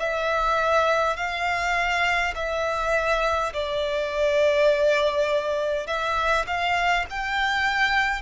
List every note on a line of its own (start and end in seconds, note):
0.00 1.16 E5
1.16 2.34 F5
2.35 3.53 E5
3.53 5.87 D5
5.87 6.45 E5
6.47 7.06 F5
7.10 8.22 G5